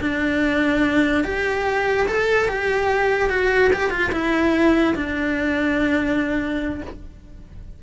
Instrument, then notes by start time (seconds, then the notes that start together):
cello
0.00 D4
1.24 G4
2.07 A4
2.48 G4
3.29 F#4
3.73 G4
3.90 F4
4.12 E4
4.95 D4